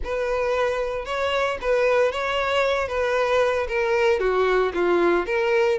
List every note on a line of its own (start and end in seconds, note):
0.04 1.05 B4
1.05 1.58 C#5
1.61 2.11 B4
2.11 2.88 C#5
2.88 3.67 B4
3.68 4.19 A#4
4.19 4.72 F#4
4.73 5.26 F4
5.26 5.78 A#4